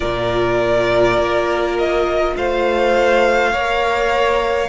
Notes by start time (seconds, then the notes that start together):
0.00 A#2 F4 A#4 D5
1.17 A#3
1.78 D#5
2.36 A3 C5 F5
3.52 A#3 A#4 C#5